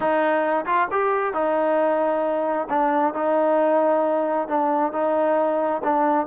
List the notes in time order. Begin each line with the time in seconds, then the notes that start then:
0.00 D#4
0.65 F4
0.91 G4
1.33 D#4
2.69 D4
3.14 D#4
4.48 D4
4.92 D#4
5.83 D4